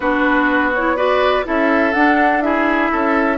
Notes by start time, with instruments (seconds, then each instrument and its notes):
0.00 bassoon B3, clarinet D4, oboe F#4, flute B4
0.74 clarinet E4, flute C#5
0.96 clarinet F#4, oboe B4, flute D5
1.43 bassoon C#4, clarinet E4, oboe A4, flute E5
1.93 bassoon D4, clarinet D4, flute F#5
2.41 clarinet E4, oboe G#4, flute E5
2.91 bassoon C#4, oboe A4